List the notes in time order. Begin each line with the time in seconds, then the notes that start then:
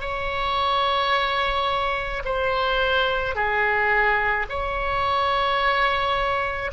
0.00 C#5
2.24 C5
3.35 G#4
4.48 C#5